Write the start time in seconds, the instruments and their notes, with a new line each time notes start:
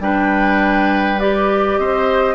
0.00 bassoon G3, clarinet D4, oboe B4, flute G5
1.19 clarinet G4, flute D5
1.78 bassoon C4, oboe C5, flute D#5